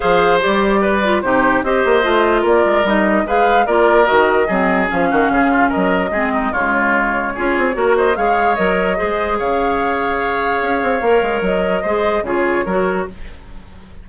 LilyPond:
<<
  \new Staff \with { instrumentName = "flute" } { \time 4/4 \tempo 4 = 147 f''4 d''2 c''4 | dis''2 d''4 dis''4 | f''4 d''4 dis''2 | f''2 dis''2 |
cis''2.~ cis''8 dis''8 | f''4 dis''2 f''4~ | f''1 | dis''2 cis''2 | }
  \new Staff \with { instrumentName = "oboe" } { \time 4/4 c''2 b'4 g'4 | c''2 ais'2 | b'4 ais'2 gis'4~ | gis'8 fis'8 gis'8 f'8 ais'4 gis'8 dis'8 |
f'2 gis'4 ais'8 c''8 | cis''2 c''4 cis''4~ | cis''1~ | cis''4 c''4 gis'4 ais'4 | }
  \new Staff \with { instrumentName = "clarinet" } { \time 4/4 gis'4 g'4. f'8 dis'4 | g'4 f'2 dis'4 | gis'4 f'4 fis'4 c'4 | cis'2. c'4 |
gis2 f'4 fis'4 | gis'4 ais'4 gis'2~ | gis'2. ais'4~ | ais'4 gis'4 f'4 fis'4 | }
  \new Staff \with { instrumentName = "bassoon" } { \time 4/4 f4 g2 c4 | c'8 ais8 a4 ais8 gis8 g4 | gis4 ais4 dis4 fis4 | f8 dis8 cis4 fis4 gis4 |
cis2 cis'8 c'8 ais4 | gis4 fis4 gis4 cis4~ | cis2 cis'8 c'8 ais8 gis8 | fis4 gis4 cis4 fis4 | }
>>